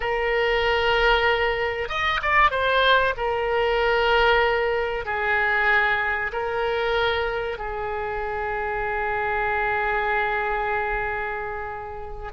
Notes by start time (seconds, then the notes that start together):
0.00 A#4
1.89 D#5
2.22 D5
2.50 C5
3.17 A#4
5.05 G#4
6.32 A#4
7.58 G#4